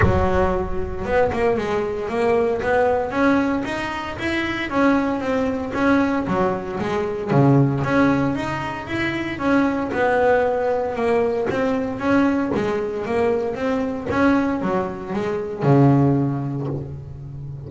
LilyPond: \new Staff \with { instrumentName = "double bass" } { \time 4/4 \tempo 4 = 115 fis2 b8 ais8 gis4 | ais4 b4 cis'4 dis'4 | e'4 cis'4 c'4 cis'4 | fis4 gis4 cis4 cis'4 |
dis'4 e'4 cis'4 b4~ | b4 ais4 c'4 cis'4 | gis4 ais4 c'4 cis'4 | fis4 gis4 cis2 | }